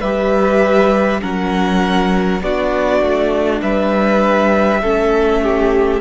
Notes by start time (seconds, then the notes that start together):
0.00 G3 G4 B4 E5
1.21 F#3 C#4 A#4 F#5
2.41 B3 D4 F#4 D5
3.01 A3
3.61 G3 B4 E5
4.82 A3 C#4 A4
5.42 G4